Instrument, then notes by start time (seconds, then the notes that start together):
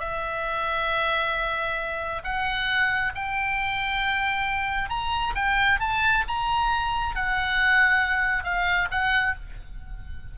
oboe
0.00 E5
2.24 F#5
3.15 G5
4.89 A#5
5.35 G5
5.80 A5
6.28 A#5
7.15 F#5
8.44 F5
8.91 F#5